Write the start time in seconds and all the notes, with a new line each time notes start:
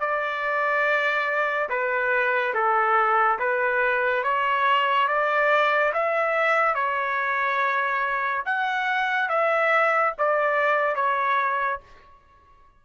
0.00 D5
1.69 B4
2.54 A4
3.39 B4
4.23 C#5
5.08 D5
5.93 E5
6.75 C#5
8.45 F#5
9.29 E5
10.18 D5
10.96 C#5